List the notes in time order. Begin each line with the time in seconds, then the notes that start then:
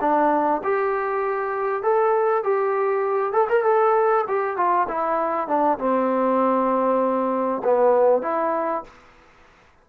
0.00 D4
0.63 G4
1.82 A4
2.44 G4
3.33 A4
3.49 A#4
3.63 A4
4.27 G4
4.56 F4
4.88 E4
5.47 D4
5.78 C4
7.64 B3
8.22 E4